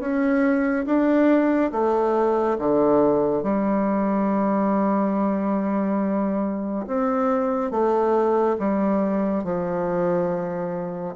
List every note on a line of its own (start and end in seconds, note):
0.00 0.86 C#4
0.86 1.72 D4
1.72 2.58 A3
2.59 3.43 D3
3.43 6.86 G3
6.87 7.71 C4
7.71 8.57 A3
8.59 9.44 G3
9.44 11.15 F3